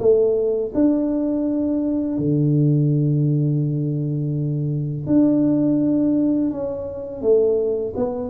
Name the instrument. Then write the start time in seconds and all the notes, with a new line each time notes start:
tuba
0.00 A3
0.75 D4
2.18 D3
5.07 D4
6.51 C#4
7.22 A3
7.96 B3